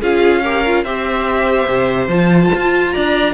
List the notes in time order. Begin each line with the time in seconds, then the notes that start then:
0.00 C#4 F4 G#4 F5
0.42 G4 A#4
0.65 F4
0.83 C4 G4 C5 E5
1.68 C3
2.07 F3 F4 A5
2.54 F4
2.91 D4 D5 A#5